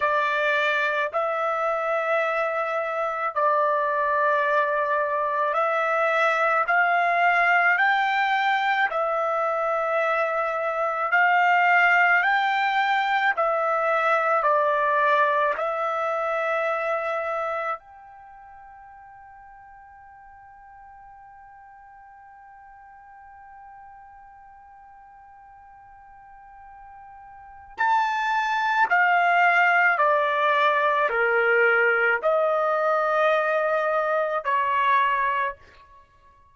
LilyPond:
\new Staff \with { instrumentName = "trumpet" } { \time 4/4 \tempo 4 = 54 d''4 e''2 d''4~ | d''4 e''4 f''4 g''4 | e''2 f''4 g''4 | e''4 d''4 e''2 |
g''1~ | g''1~ | g''4 a''4 f''4 d''4 | ais'4 dis''2 cis''4 | }